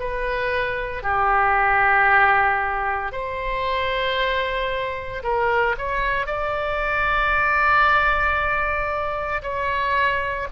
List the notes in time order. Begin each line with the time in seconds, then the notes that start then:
0.00 B4
1.03 G4
3.12 C5
5.23 A#4
5.78 C#5
6.27 D5
9.43 C#5